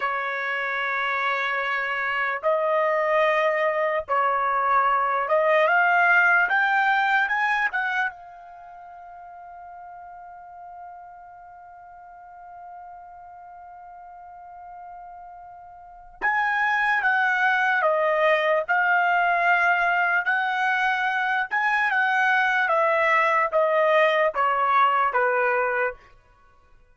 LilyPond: \new Staff \with { instrumentName = "trumpet" } { \time 4/4 \tempo 4 = 74 cis''2. dis''4~ | dis''4 cis''4. dis''8 f''4 | g''4 gis''8 fis''8 f''2~ | f''1~ |
f''1 | gis''4 fis''4 dis''4 f''4~ | f''4 fis''4. gis''8 fis''4 | e''4 dis''4 cis''4 b'4 | }